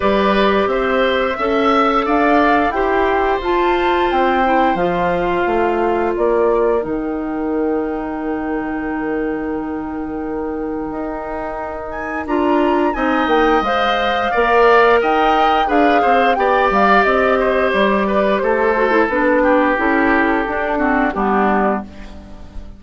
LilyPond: <<
  \new Staff \with { instrumentName = "flute" } { \time 4/4 \tempo 4 = 88 d''4 e''2 f''4 | g''4 a''4 g''4 f''4~ | f''4 d''4 g''2~ | g''1~ |
g''4. gis''8 ais''4 gis''8 g''8 | f''2 g''4 f''4 | g''8 f''8 dis''4 d''4 c''4 | b'4 a'2 g'4 | }
  \new Staff \with { instrumentName = "oboe" } { \time 4/4 b'4 c''4 e''4 d''4 | c''1~ | c''4 ais'2.~ | ais'1~ |
ais'2. dis''4~ | dis''4 d''4 dis''4 b'8 c''8 | d''4. c''4 b'8 a'4~ | a'8 g'2 fis'8 d'4 | }
  \new Staff \with { instrumentName = "clarinet" } { \time 4/4 g'2 a'2 | g'4 f'4. e'8 f'4~ | f'2 dis'2~ | dis'1~ |
dis'2 f'4 dis'4 | c''4 ais'2 gis'4 | g'2.~ g'8 fis'16 e'16 | d'4 e'4 d'8 c'8 b4 | }
  \new Staff \with { instrumentName = "bassoon" } { \time 4/4 g4 c'4 cis'4 d'4 | e'4 f'4 c'4 f4 | a4 ais4 dis2~ | dis1 |
dis'2 d'4 c'8 ais8 | gis4 ais4 dis'4 d'8 c'8 | b8 g8 c'4 g4 a4 | b4 cis'4 d'4 g4 | }
>>